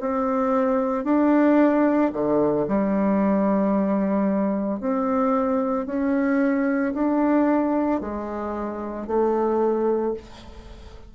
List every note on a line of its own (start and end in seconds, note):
0.00 1.04 C4
1.04 2.11 D4
2.13 2.66 D3
2.68 4.80 G3
4.80 5.86 C4
5.86 6.94 C#4
6.94 8.01 D4
8.01 9.07 G#3
9.07 10.14 A3